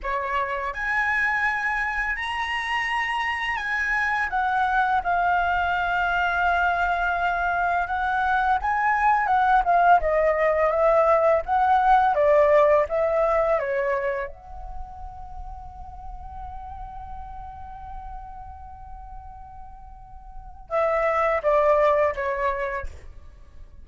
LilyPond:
\new Staff \with { instrumentName = "flute" } { \time 4/4 \tempo 4 = 84 cis''4 gis''2 ais''4~ | ais''4 gis''4 fis''4 f''4~ | f''2. fis''4 | gis''4 fis''8 f''8 dis''4 e''4 |
fis''4 d''4 e''4 cis''4 | fis''1~ | fis''1~ | fis''4 e''4 d''4 cis''4 | }